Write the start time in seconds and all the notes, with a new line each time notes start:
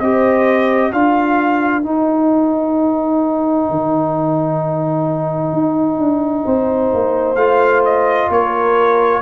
0.00 C4 G4 C5 D#5
0.93 D4 F4 A#4 F5
1.83 D#4 G5
3.70 D#3
5.53 D#4
5.99 D4
6.45 C4 C5
6.93 A#3
7.36 A3 F4 F5
7.85 D#5
8.30 A#3 A#4 C#5